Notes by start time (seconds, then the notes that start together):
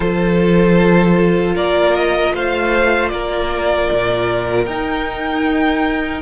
0.00 F3 F4 A4 C5
1.54 A#3 A#4 D5
1.95 D#5
2.34 A3 C5 F5
3.08 A#3 A#4 D5
3.91 A#2
4.65 D#4 G5